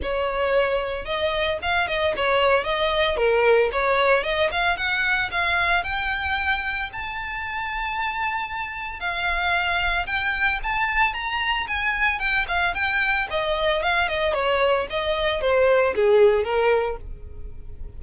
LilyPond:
\new Staff \with { instrumentName = "violin" } { \time 4/4 \tempo 4 = 113 cis''2 dis''4 f''8 dis''8 | cis''4 dis''4 ais'4 cis''4 | dis''8 f''8 fis''4 f''4 g''4~ | g''4 a''2.~ |
a''4 f''2 g''4 | a''4 ais''4 gis''4 g''8 f''8 | g''4 dis''4 f''8 dis''8 cis''4 | dis''4 c''4 gis'4 ais'4 | }